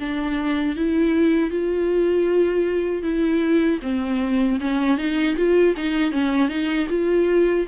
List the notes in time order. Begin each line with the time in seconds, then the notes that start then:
0.00 D4
0.77 E4
1.51 F4
3.03 E4
3.83 C4
4.61 C#4
4.98 D#4
5.37 F4
5.77 D#4
6.12 C#4
6.49 D#4
6.90 F4